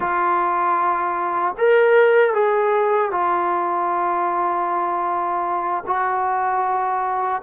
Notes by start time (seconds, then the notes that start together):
0.00 F4
1.58 A#4
2.33 G#4
3.11 F4
5.86 F#4